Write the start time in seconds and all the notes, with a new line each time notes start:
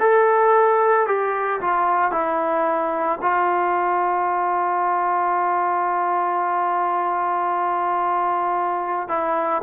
0.00 A4
1.07 G4
1.61 F4
2.12 E4
3.22 F4
9.09 E4